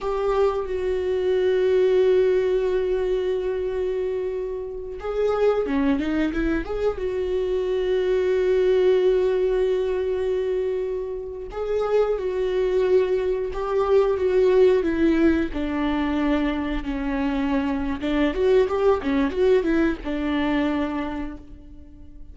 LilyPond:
\new Staff \with { instrumentName = "viola" } { \time 4/4 \tempo 4 = 90 g'4 fis'2.~ | fis'2.~ fis'8 gis'8~ | gis'8 cis'8 dis'8 e'8 gis'8 fis'4.~ | fis'1~ |
fis'4~ fis'16 gis'4 fis'4.~ fis'16~ | fis'16 g'4 fis'4 e'4 d'8.~ | d'4~ d'16 cis'4.~ cis'16 d'8 fis'8 | g'8 cis'8 fis'8 e'8 d'2 | }